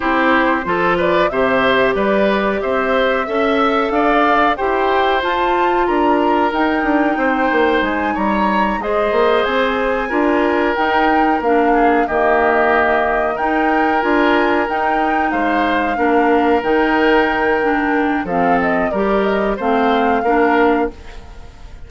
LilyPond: <<
  \new Staff \with { instrumentName = "flute" } { \time 4/4 \tempo 4 = 92 c''4. d''8 e''4 d''4 | e''2 f''4 g''4 | a''4 ais''4 g''2 | gis''8 ais''4 dis''4 gis''4.~ |
gis''8 g''4 f''4 dis''4.~ | dis''8 g''4 gis''4 g''4 f''8~ | f''4. g''2~ g''8 | f''8 dis''8 d''8 dis''8 f''2 | }
  \new Staff \with { instrumentName = "oboe" } { \time 4/4 g'4 a'8 b'8 c''4 b'4 | c''4 e''4 d''4 c''4~ | c''4 ais'2 c''4~ | c''8 cis''4 c''2 ais'8~ |
ais'2 gis'8 g'4.~ | g'8 ais'2. c''8~ | c''8 ais'2.~ ais'8 | a'4 ais'4 c''4 ais'4 | }
  \new Staff \with { instrumentName = "clarinet" } { \time 4/4 e'4 f'4 g'2~ | g'4 a'2 g'4 | f'2 dis'2~ | dis'4. gis'2 f'8~ |
f'8 dis'4 d'4 ais4.~ | ais8 dis'4 f'4 dis'4.~ | dis'8 d'4 dis'4. d'4 | c'4 g'4 c'4 d'4 | }
  \new Staff \with { instrumentName = "bassoon" } { \time 4/4 c'4 f4 c4 g4 | c'4 cis'4 d'4 e'4 | f'4 d'4 dis'8 d'8 c'8 ais8 | gis8 g4 gis8 ais8 c'4 d'8~ |
d'8 dis'4 ais4 dis4.~ | dis8 dis'4 d'4 dis'4 gis8~ | gis8 ais4 dis2~ dis8 | f4 g4 a4 ais4 | }
>>